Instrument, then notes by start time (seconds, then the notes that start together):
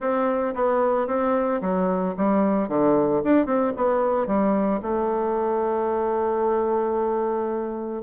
bassoon
0.00 C4
0.54 B3
1.07 C4
1.61 F#3
2.17 G3
2.68 D3
3.24 D4
3.46 C4
3.76 B3
4.27 G3
4.81 A3